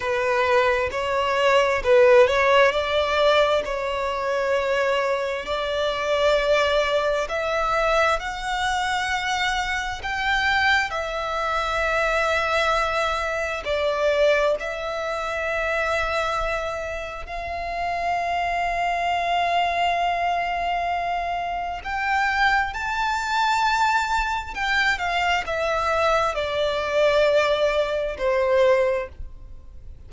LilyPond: \new Staff \with { instrumentName = "violin" } { \time 4/4 \tempo 4 = 66 b'4 cis''4 b'8 cis''8 d''4 | cis''2 d''2 | e''4 fis''2 g''4 | e''2. d''4 |
e''2. f''4~ | f''1 | g''4 a''2 g''8 f''8 | e''4 d''2 c''4 | }